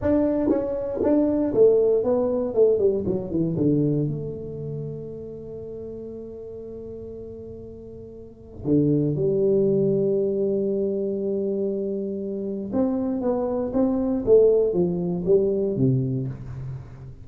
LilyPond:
\new Staff \with { instrumentName = "tuba" } { \time 4/4 \tempo 4 = 118 d'4 cis'4 d'4 a4 | b4 a8 g8 fis8 e8 d4 | a1~ | a1~ |
a4 d4 g2~ | g1~ | g4 c'4 b4 c'4 | a4 f4 g4 c4 | }